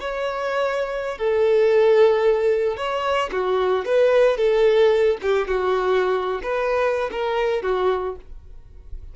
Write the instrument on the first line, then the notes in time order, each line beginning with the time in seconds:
violin
0.00 C#5
1.18 A4
2.77 C#5
3.32 F#4
3.85 B4
4.37 A4
5.22 G4
5.48 F#4
6.43 B4
7.12 A#4
7.63 F#4